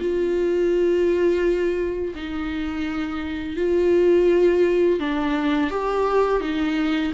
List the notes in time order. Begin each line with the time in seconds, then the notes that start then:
0.00 F4
2.15 D#4
3.56 F4
4.99 D4
5.70 G4
6.41 D#4